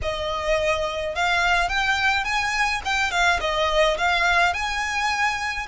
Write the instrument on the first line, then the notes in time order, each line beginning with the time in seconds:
violin
0.02 D#5
1.15 F5
1.69 G5
2.24 G#5
2.85 G5
3.11 F5
3.40 D#5
3.97 F5
4.53 G#5